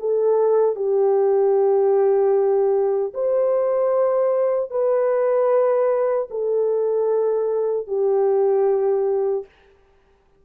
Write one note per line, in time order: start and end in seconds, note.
0.00 0.76 A4
0.76 3.13 G4
3.15 4.71 C5
4.71 6.29 B4
6.31 7.88 A4
7.88 9.46 G4